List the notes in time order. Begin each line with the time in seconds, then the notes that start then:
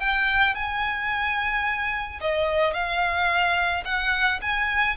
0.00 G5
0.55 G#5
2.21 D#5
2.73 F5
3.85 F#5
4.42 G#5